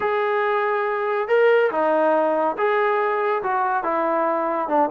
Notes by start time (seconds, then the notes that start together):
0.00 G#4
1.28 A#4
1.71 D#4
2.57 G#4
3.43 F#4
3.83 E4
4.68 D4